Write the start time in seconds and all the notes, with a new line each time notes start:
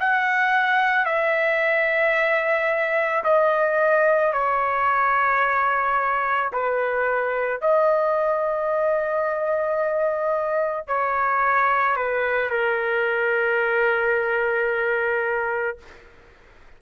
0.00 F#5
1.06 E5
3.24 D#5
4.33 C#5
6.53 B4
7.61 D#5
10.87 C#5
11.97 B4
12.51 A#4